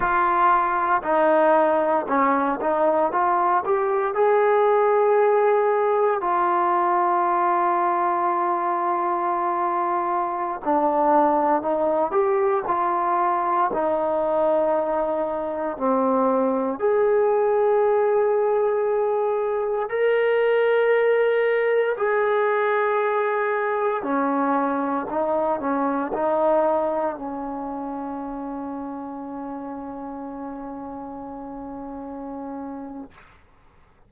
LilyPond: \new Staff \with { instrumentName = "trombone" } { \time 4/4 \tempo 4 = 58 f'4 dis'4 cis'8 dis'8 f'8 g'8 | gis'2 f'2~ | f'2~ f'16 d'4 dis'8 g'16~ | g'16 f'4 dis'2 c'8.~ |
c'16 gis'2. ais'8.~ | ais'4~ ais'16 gis'2 cis'8.~ | cis'16 dis'8 cis'8 dis'4 cis'4.~ cis'16~ | cis'1 | }